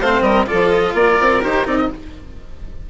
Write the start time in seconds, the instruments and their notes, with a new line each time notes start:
0.00 bassoon A3, cello C4, violin C5, oboe F5
0.21 bassoon G3, violin A#4, oboe D#5
0.46 cello F4, violin A4, oboe D5
0.52 bassoon F3
0.69 oboe D#5
0.93 bassoon A#3, violin A#4, oboe D5
1.20 bassoon C4
1.42 bassoon D#4, cello G4, oboe C5
1.64 bassoon C4, cello D#4, oboe D5
1.76 oboe D#5